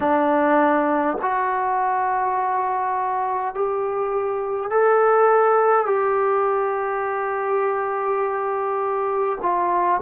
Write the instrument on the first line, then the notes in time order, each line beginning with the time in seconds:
trombone
0.00 D4
1.21 F#4
3.54 G4
4.70 A4
5.85 G4
9.42 F4